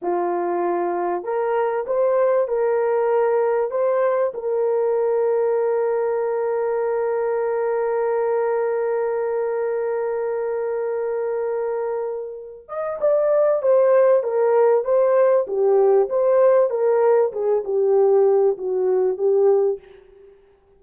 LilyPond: \new Staff \with { instrumentName = "horn" } { \time 4/4 \tempo 4 = 97 f'2 ais'4 c''4 | ais'2 c''4 ais'4~ | ais'1~ | ais'1~ |
ais'1~ | ais'8 dis''8 d''4 c''4 ais'4 | c''4 g'4 c''4 ais'4 | gis'8 g'4. fis'4 g'4 | }